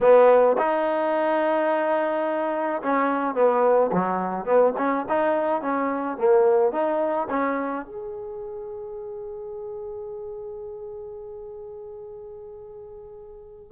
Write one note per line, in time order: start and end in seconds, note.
0.01 0.57 B3
0.58 2.82 D#4
2.82 3.34 C#4
3.34 3.90 B3
3.92 4.45 F#3
4.45 4.73 B3
4.77 5.05 C#4
5.08 5.61 D#4
5.61 6.17 C#4
6.17 6.71 A#3
6.71 7.28 D#4
7.29 7.85 C#4
7.85 13.72 G#4